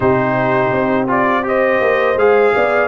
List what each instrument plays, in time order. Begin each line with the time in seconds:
0.00 tuba C3, trombone D#4, horn G4, trumpet C5
0.71 tuba C4
1.07 trombone F4, trumpet D5
1.42 trombone G4, horn C5, trumpet D#5
1.81 tuba A#3
2.16 tuba G#3, trombone G#4, trumpet F5
2.55 tuba B3, horn D5